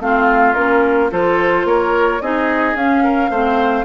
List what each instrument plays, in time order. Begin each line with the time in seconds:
0.00 bassoon A3, clarinet C4, oboe F4, flute F5
0.55 bassoon A#3, clarinet C#4, flute A#4
1.11 bassoon F3, clarinet F4, oboe A4, flute C5
1.65 bassoon A#3, oboe A#4, flute C#5
2.22 bassoon C4, clarinet D#4, oboe G#4, flute D#5
2.75 bassoon C#4, clarinet C#4, flute F5
3.04 oboe A#4
3.30 bassoon A3, clarinet C4, oboe C5